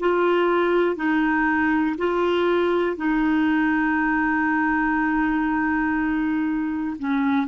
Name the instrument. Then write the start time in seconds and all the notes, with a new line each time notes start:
clarinet
0.00 F4
0.95 D#4
1.98 F4
2.97 D#4
6.99 C#4